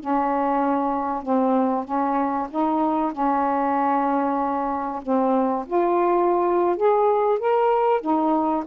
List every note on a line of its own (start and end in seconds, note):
0.00 1.23 C#4
1.23 1.85 C4
1.85 2.48 C#4
2.50 3.13 D#4
3.13 5.02 C#4
5.03 5.66 C4
5.67 6.77 F4
6.77 7.39 G#4
7.39 8.02 A#4
8.02 8.65 D#4